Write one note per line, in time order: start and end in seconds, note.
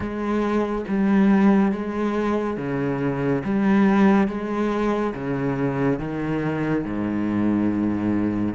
0.00 0.84 G#3
0.88 1.71 G3
1.71 2.57 G#3
2.57 3.42 C#3
3.44 4.27 G3
4.27 5.13 G#3
5.14 5.99 C#3
5.99 6.84 D#3
6.84 8.54 G#2